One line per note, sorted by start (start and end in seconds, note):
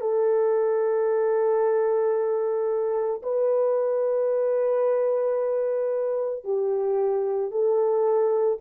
0.00 3.21 A4
3.22 6.44 B4
6.44 7.50 G4
7.50 8.58 A4